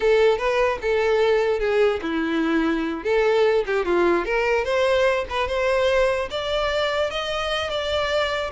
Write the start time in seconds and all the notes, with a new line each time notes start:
0.00 A4
0.37 B4
0.81 A4
1.59 G#4
2.02 E4
3.03 A4
3.66 G4
3.85 F4
4.25 A#4
4.64 C5
5.29 B4
5.47 C5
6.30 D5
7.10 D#5
7.70 D5